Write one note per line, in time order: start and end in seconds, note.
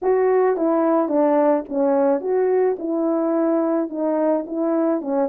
0.02 0.56 F#4
0.56 1.08 E4
1.08 1.64 D4
1.68 2.20 C#4
2.20 2.76 F#4
2.79 3.89 E4
3.89 4.45 D#4
4.46 5.01 E4
5.01 5.28 C#4